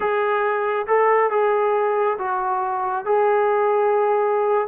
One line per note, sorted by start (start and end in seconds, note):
0.00 0.86 G#4
0.87 1.30 A4
1.30 2.17 G#4
2.18 3.05 F#4
3.05 4.68 G#4